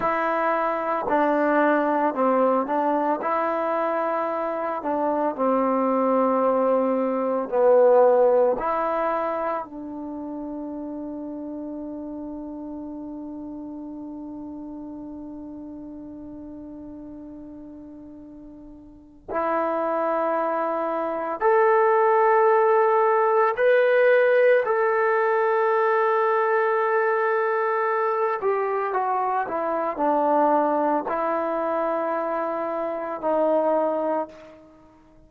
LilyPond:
\new Staff \with { instrumentName = "trombone" } { \time 4/4 \tempo 4 = 56 e'4 d'4 c'8 d'8 e'4~ | e'8 d'8 c'2 b4 | e'4 d'2.~ | d'1~ |
d'2 e'2 | a'2 b'4 a'4~ | a'2~ a'8 g'8 fis'8 e'8 | d'4 e'2 dis'4 | }